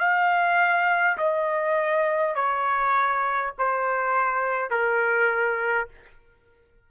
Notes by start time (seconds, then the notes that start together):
0.00 F5
1.18 D#5
2.35 C#5
3.58 C5
4.71 A#4